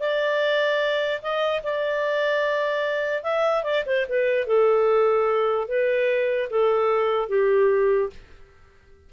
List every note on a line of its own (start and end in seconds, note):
0.00 1.22 D5
1.22 1.63 D#5
1.64 3.24 D5
3.24 3.64 E5
3.64 3.84 D5
3.86 4.07 C5
4.09 4.47 B4
4.47 5.69 A4
5.69 6.50 B4
6.50 7.29 A4
7.29 8.10 G4